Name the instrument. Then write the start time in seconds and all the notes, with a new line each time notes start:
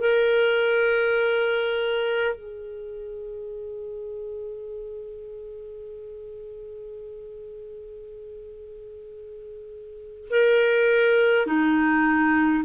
clarinet
0.00 A#4
2.35 G#4
10.30 A#4
11.47 D#4